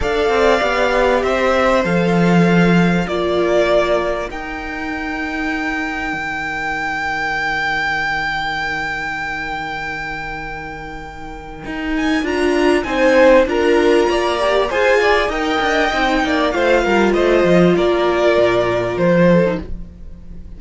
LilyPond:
<<
  \new Staff \with { instrumentName = "violin" } { \time 4/4 \tempo 4 = 98 f''2 e''4 f''4~ | f''4 d''2 g''4~ | g''1~ | g''1~ |
g''2.~ g''8 gis''8 | ais''4 gis''4 ais''2 | gis''4 g''2 f''4 | dis''4 d''2 c''4 | }
  \new Staff \with { instrumentName = "violin" } { \time 4/4 d''2 c''2~ | c''4 ais'2.~ | ais'1~ | ais'1~ |
ais'1~ | ais'4 c''4 ais'4 d''4 | c''8 d''8 dis''4. d''8 c''8 ais'8 | c''4 ais'2~ ais'8 a'8 | }
  \new Staff \with { instrumentName = "viola" } { \time 4/4 a'4 g'2 a'4~ | a'4 f'2 dis'4~ | dis'1~ | dis'1~ |
dis'1 | f'4 dis'4 f'4. g'8 | gis'4 ais'4 dis'4 f'4~ | f'2.~ f'8. dis'16 | }
  \new Staff \with { instrumentName = "cello" } { \time 4/4 d'8 c'8 b4 c'4 f4~ | f4 ais2 dis'4~ | dis'2 dis2~ | dis1~ |
dis2. dis'4 | d'4 c'4 d'4 ais4 | f'4 dis'8 d'8 c'8 ais8 a8 g8 | a8 f8 ais4 ais,4 f4 | }
>>